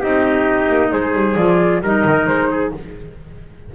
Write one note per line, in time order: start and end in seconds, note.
0.00 0.69 C4
0.00 1.36 D#4
0.00 0.90 G4
0.00 0.92 D#5
0.69 0.91 A#3
0.92 1.13 G#3
0.92 1.83 G#4
0.92 1.37 C5
1.13 1.35 G3
1.36 1.81 F3
1.36 1.82 F4
1.36 1.82 D5
1.81 2.04 G3
1.81 2.75 D#4
1.81 2.50 A#4
1.81 2.27 D#5
2.05 2.27 D#3
2.27 2.72 G#3
2.27 2.72 C5
2.51 2.73 G#4